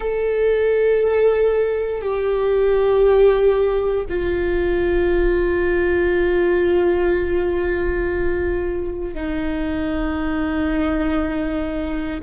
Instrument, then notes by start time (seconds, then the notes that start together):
viola
0.00 A4
2.01 G4
4.09 F4
9.14 D#4